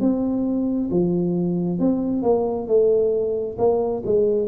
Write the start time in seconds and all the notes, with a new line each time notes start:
0.00 C4
0.91 F3
1.79 C4
2.23 A#3
2.67 A3
3.58 A#3
4.05 G#3